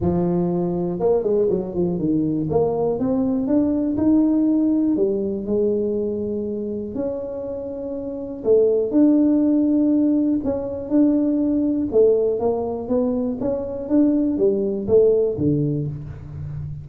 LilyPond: \new Staff \with { instrumentName = "tuba" } { \time 4/4 \tempo 4 = 121 f2 ais8 gis8 fis8 f8 | dis4 ais4 c'4 d'4 | dis'2 g4 gis4~ | gis2 cis'2~ |
cis'4 a4 d'2~ | d'4 cis'4 d'2 | a4 ais4 b4 cis'4 | d'4 g4 a4 d4 | }